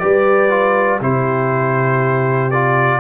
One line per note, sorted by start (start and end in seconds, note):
0.00 1.01 G3
0.00 0.51 G4
0.00 1.02 B4
0.00 1.00 D5
0.51 1.01 F4
1.01 3.01 C3
1.01 2.52 E4
1.01 3.01 G4
1.01 2.51 C5
2.51 3.01 F4
2.51 3.01 D5